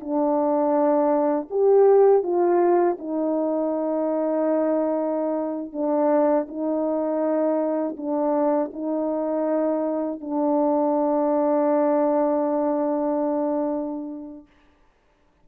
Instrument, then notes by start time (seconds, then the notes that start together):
horn
0.00 D4
1.50 G4
2.23 F4
2.98 D#4
5.72 D4
6.48 D#4
7.97 D4
8.73 D#4
10.20 D4